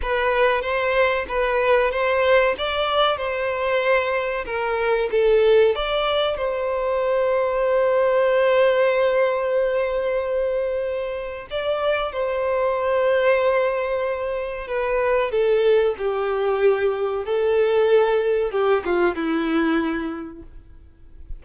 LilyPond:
\new Staff \with { instrumentName = "violin" } { \time 4/4 \tempo 4 = 94 b'4 c''4 b'4 c''4 | d''4 c''2 ais'4 | a'4 d''4 c''2~ | c''1~ |
c''2 d''4 c''4~ | c''2. b'4 | a'4 g'2 a'4~ | a'4 g'8 f'8 e'2 | }